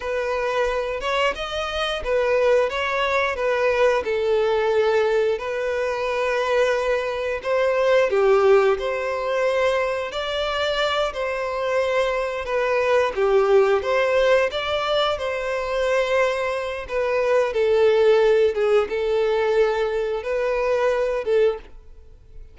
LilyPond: \new Staff \with { instrumentName = "violin" } { \time 4/4 \tempo 4 = 89 b'4. cis''8 dis''4 b'4 | cis''4 b'4 a'2 | b'2. c''4 | g'4 c''2 d''4~ |
d''8 c''2 b'4 g'8~ | g'8 c''4 d''4 c''4.~ | c''4 b'4 a'4. gis'8 | a'2 b'4. a'8 | }